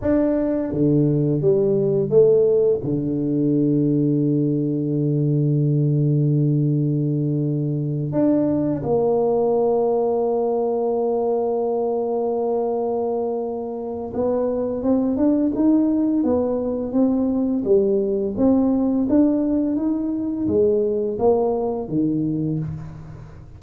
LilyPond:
\new Staff \with { instrumentName = "tuba" } { \time 4/4 \tempo 4 = 85 d'4 d4 g4 a4 | d1~ | d2.~ d8 d'8~ | d'8 ais2.~ ais8~ |
ais1 | b4 c'8 d'8 dis'4 b4 | c'4 g4 c'4 d'4 | dis'4 gis4 ais4 dis4 | }